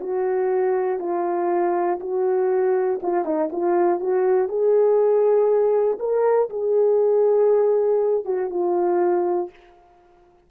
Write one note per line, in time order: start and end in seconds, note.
0.00 0.99 F#4
0.99 1.99 F4
2.00 3.00 F#4
3.03 3.25 F4
3.25 3.50 D#4
3.52 4.00 F4
4.00 4.49 F#4
4.49 5.99 G#4
5.99 6.49 A#4
6.50 8.25 G#4
8.25 8.50 F#4
8.50 9.50 F4